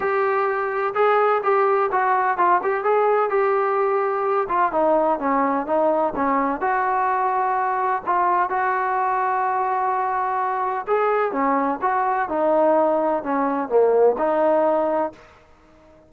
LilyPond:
\new Staff \with { instrumentName = "trombone" } { \time 4/4 \tempo 4 = 127 g'2 gis'4 g'4 | fis'4 f'8 g'8 gis'4 g'4~ | g'4. f'8 dis'4 cis'4 | dis'4 cis'4 fis'2~ |
fis'4 f'4 fis'2~ | fis'2. gis'4 | cis'4 fis'4 dis'2 | cis'4 ais4 dis'2 | }